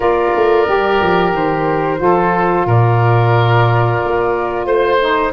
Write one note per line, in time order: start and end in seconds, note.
0.00 0.31 A#3
0.00 0.66 F4
0.00 1.99 A#4
0.00 1.32 D5
0.35 0.67 A3
0.66 1.00 G3
0.66 1.97 G4
1.01 1.32 F3
1.32 1.99 D#3
1.32 2.68 C5
1.97 2.66 F3
1.97 4.97 F4
1.97 2.66 A4
2.66 3.99 A#2
2.66 4.66 A#4
2.66 4.66 D5
4.04 4.65 A#3
4.65 5.32 A3
4.65 5.32 C5
4.99 5.32 D#4